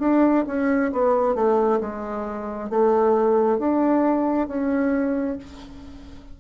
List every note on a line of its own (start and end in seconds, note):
0.00 0.45 D4
0.47 0.92 C#4
0.93 1.36 B3
1.36 1.80 A3
1.81 2.70 G#3
2.70 3.59 A3
3.59 4.48 D4
4.48 5.38 C#4